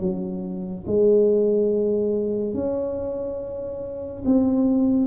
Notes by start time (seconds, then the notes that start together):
0.00 F#3
0.87 G#3
2.54 C#4
4.25 C4